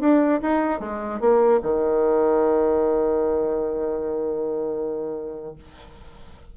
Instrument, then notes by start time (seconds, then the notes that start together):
bassoon
0.00 D4
0.42 D#4
0.80 G#3
1.20 A#3
1.62 D#3